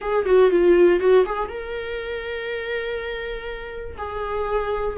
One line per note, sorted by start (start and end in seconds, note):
0.01 0.25 G#4
0.25 0.50 F#4
0.50 1.00 F4
1.00 1.24 F#4
1.25 1.49 G#4
1.49 3.96 A#4
3.97 4.96 G#4